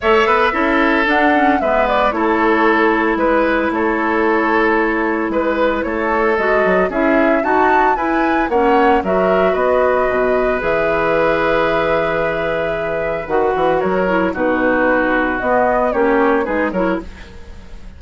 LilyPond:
<<
  \new Staff \with { instrumentName = "flute" } { \time 4/4 \tempo 4 = 113 e''2 fis''4 e''8 d''8 | cis''2 b'4 cis''4~ | cis''2 b'4 cis''4 | dis''4 e''4 a''4 gis''4 |
fis''4 e''4 dis''2 | e''1~ | e''4 fis''4 cis''4 b'4~ | b'4 dis''4 cis''4 b'8 cis''8 | }
  \new Staff \with { instrumentName = "oboe" } { \time 4/4 cis''8 b'8 a'2 b'4 | a'2 b'4 a'4~ | a'2 b'4 a'4~ | a'4 gis'4 fis'4 b'4 |
cis''4 ais'4 b'2~ | b'1~ | b'2 ais'4 fis'4~ | fis'2 g'4 gis'8 ais'8 | }
  \new Staff \with { instrumentName = "clarinet" } { \time 4/4 a'4 e'4 d'8 cis'8 b4 | e'1~ | e'1 | fis'4 e'4 fis'4 e'4 |
cis'4 fis'2. | gis'1~ | gis'4 fis'4. e'8 dis'4~ | dis'4 b4 cis'4 dis'8 e'8 | }
  \new Staff \with { instrumentName = "bassoon" } { \time 4/4 a8 b8 cis'4 d'4 gis4 | a2 gis4 a4~ | a2 gis4 a4 | gis8 fis8 cis'4 dis'4 e'4 |
ais4 fis4 b4 b,4 | e1~ | e4 dis8 e8 fis4 b,4~ | b,4 b4 ais4 gis8 fis8 | }
>>